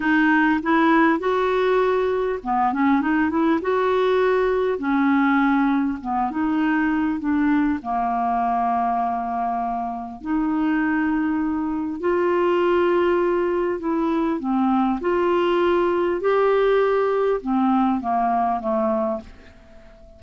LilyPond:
\new Staff \with { instrumentName = "clarinet" } { \time 4/4 \tempo 4 = 100 dis'4 e'4 fis'2 | b8 cis'8 dis'8 e'8 fis'2 | cis'2 b8 dis'4. | d'4 ais2.~ |
ais4 dis'2. | f'2. e'4 | c'4 f'2 g'4~ | g'4 c'4 ais4 a4 | }